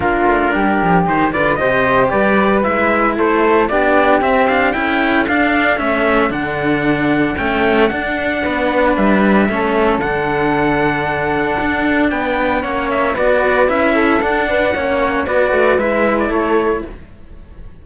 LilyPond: <<
  \new Staff \with { instrumentName = "trumpet" } { \time 4/4 \tempo 4 = 114 ais'2 c''8 d''8 dis''4 | d''4 e''4 c''4 d''4 | e''8 f''8 g''4 f''4 e''4 | fis''2 g''4 fis''4~ |
fis''4 e''2 fis''4~ | fis''2. g''4 | fis''8 e''8 d''4 e''4 fis''4~ | fis''4 d''4 e''8. d''16 cis''4 | }
  \new Staff \with { instrumentName = "flute" } { \time 4/4 f'4 g'4. b'8 c''4 | b'2 a'4 g'4~ | g'4 a'2.~ | a'1 |
b'2 a'2~ | a'2. b'4 | cis''4 b'4. a'4 b'8 | cis''4 b'2 a'4 | }
  \new Staff \with { instrumentName = "cello" } { \time 4/4 d'2 dis'8 f'8 g'4~ | g'4 e'2 d'4 | c'8 d'8 e'4 d'4 cis'4 | d'2 a4 d'4~ |
d'2 cis'4 d'4~ | d'1 | cis'4 fis'4 e'4 d'4 | cis'4 fis'4 e'2 | }
  \new Staff \with { instrumentName = "cello" } { \time 4/4 ais8 a8 g8 f8 dis8 d8 c4 | g4 gis4 a4 b4 | c'4 cis'4 d'4 a4 | d2 cis'4 d'4 |
b4 g4 a4 d4~ | d2 d'4 b4 | ais4 b4 cis'4 d'4 | ais4 b8 a8 gis4 a4 | }
>>